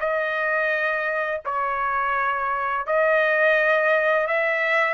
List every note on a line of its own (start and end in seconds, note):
0.00 1.41 D#5
1.45 2.87 C#5
2.87 4.27 D#5
4.27 4.94 E5